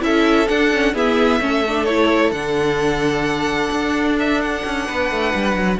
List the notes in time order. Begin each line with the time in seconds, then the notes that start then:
0.00 C#4 E4 A4 E5
0.48 D4 F#5
0.73 C#4
0.94 B3 E4 G#4 E5
1.40 A3 C#4 A4
1.68 D4
1.85 E4 C#5
2.31 D3 D4 F#5
3.71 D4
4.19 E5
4.41 F#5
4.65 C#4
4.87 B3 B4
5.11 A3
5.34 G3
5.55 F#3